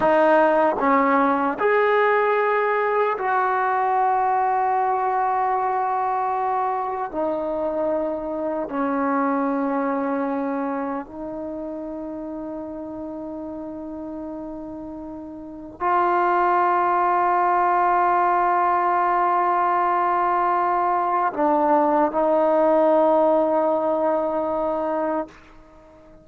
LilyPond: \new Staff \with { instrumentName = "trombone" } { \time 4/4 \tempo 4 = 76 dis'4 cis'4 gis'2 | fis'1~ | fis'4 dis'2 cis'4~ | cis'2 dis'2~ |
dis'1 | f'1~ | f'2. d'4 | dis'1 | }